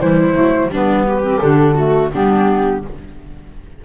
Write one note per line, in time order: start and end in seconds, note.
0.00 0.36 E3
0.00 0.34 G3
0.00 0.71 E4
0.00 0.71 C5
0.34 0.68 F#3
0.34 0.70 A3
0.68 1.39 G3
0.68 1.22 B3
0.68 1.07 D4
0.74 1.40 B4
1.08 1.75 G4
1.22 1.40 C4
1.40 2.13 D3
1.40 1.76 D4
1.40 2.10 A4
1.75 2.12 A3
1.75 2.10 F#4
2.13 2.85 G3
2.13 2.83 B3
2.13 2.84 D4
2.13 2.85 G4